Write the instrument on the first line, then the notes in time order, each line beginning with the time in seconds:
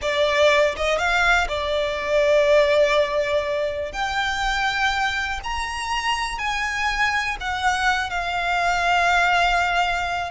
violin
0.01 D5
0.76 D#5
0.98 F5
1.48 D5
3.92 G5
5.43 A#5
6.38 G#5
7.40 F#5
8.09 F5